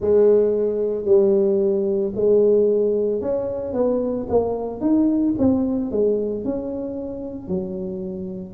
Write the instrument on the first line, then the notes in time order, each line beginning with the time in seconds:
tuba
0.00 G#3
1.05 G3
2.15 G#3
3.21 C#4
3.73 B3
4.29 A#3
4.81 D#4
5.38 C4
5.91 G#3
6.44 C#4
7.48 F#3